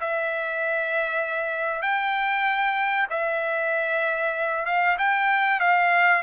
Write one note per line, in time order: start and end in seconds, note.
0.00 1.82 E5
1.82 3.07 G5
3.10 4.65 E5
4.65 4.97 F5
4.98 5.60 G5
5.60 6.22 F5